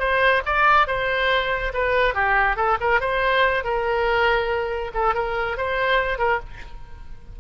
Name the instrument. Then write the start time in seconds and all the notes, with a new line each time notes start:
oboe
0.00 C5
0.46 D5
0.88 C5
1.74 B4
2.15 G4
2.57 A4
2.81 A#4
3.01 C5
3.65 A#4
4.94 A4
5.15 A#4
5.58 C5
6.19 A#4